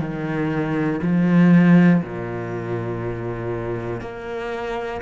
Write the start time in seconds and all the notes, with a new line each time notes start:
0.00 D#3
1.02 F3
2.03 A#2
4.00 A#3